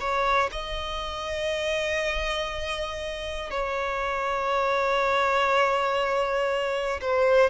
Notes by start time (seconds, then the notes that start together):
0.00 C#5
0.52 D#5
3.50 C#5
7.01 C5